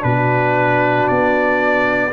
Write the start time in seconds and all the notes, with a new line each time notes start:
0.00 B2 D4 B4
0.07 F#4
1.08 B3 D5